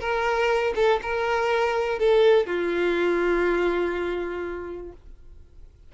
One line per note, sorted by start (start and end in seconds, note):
0.00 0.74 A#4
0.76 1.00 A4
1.02 1.99 A#4
1.99 2.46 A4
2.46 4.92 F4